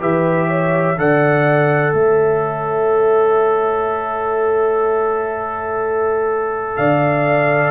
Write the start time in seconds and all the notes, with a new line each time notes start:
0.00 E3 G4 B4 E5
0.48 C#5
0.98 D3 A4 D5 F#5
1.94 A3 C#5 E5
6.76 D3 D5 F5